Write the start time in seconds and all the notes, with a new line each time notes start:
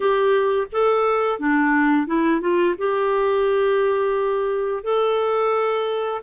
0.00 G4
0.71 A4
1.39 D4
2.06 E4
2.40 F4
2.77 G4
4.83 A4